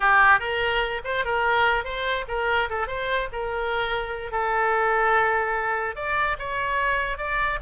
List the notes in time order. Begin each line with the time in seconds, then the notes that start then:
0.00 G4
0.39 A#4
1.04 C5
1.24 A#4
1.84 C5
2.28 A#4
2.69 A4
2.87 C5
3.32 A#4
4.31 A4
5.95 D5
6.38 C#5
7.17 D5